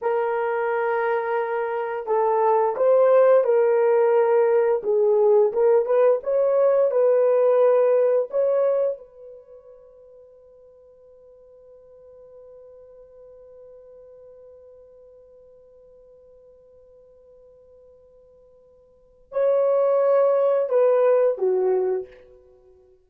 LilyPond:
\new Staff \with { instrumentName = "horn" } { \time 4/4 \tempo 4 = 87 ais'2. a'4 | c''4 ais'2 gis'4 | ais'8 b'8 cis''4 b'2 | cis''4 b'2.~ |
b'1~ | b'1~ | b'1 | cis''2 b'4 fis'4 | }